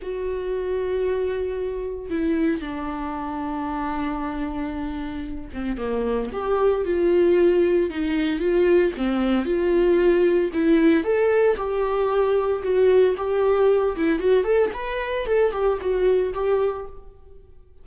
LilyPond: \new Staff \with { instrumentName = "viola" } { \time 4/4 \tempo 4 = 114 fis'1 | e'4 d'2.~ | d'2~ d'8 c'8 ais4 | g'4 f'2 dis'4 |
f'4 c'4 f'2 | e'4 a'4 g'2 | fis'4 g'4. e'8 fis'8 a'8 | b'4 a'8 g'8 fis'4 g'4 | }